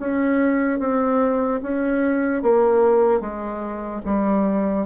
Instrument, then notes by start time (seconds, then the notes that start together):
bassoon
0.00 C#4
0.80 C4
1.63 C#4
2.43 A#3
3.21 G#3
4.06 G3